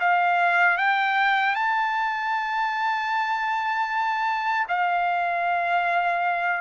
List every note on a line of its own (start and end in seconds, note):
0.00 0.78 F5
0.78 1.55 G5
1.55 4.67 A5
4.69 6.61 F5